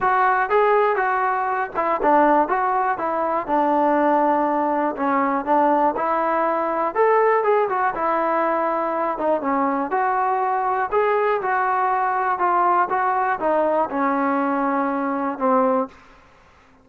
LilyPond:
\new Staff \with { instrumentName = "trombone" } { \time 4/4 \tempo 4 = 121 fis'4 gis'4 fis'4. e'8 | d'4 fis'4 e'4 d'4~ | d'2 cis'4 d'4 | e'2 a'4 gis'8 fis'8 |
e'2~ e'8 dis'8 cis'4 | fis'2 gis'4 fis'4~ | fis'4 f'4 fis'4 dis'4 | cis'2. c'4 | }